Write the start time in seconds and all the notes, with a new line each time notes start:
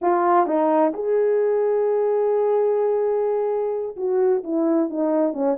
0.01 F4
0.46 D#4
0.93 G#4
3.96 F#4
4.43 E4
4.89 D#4
5.33 C#4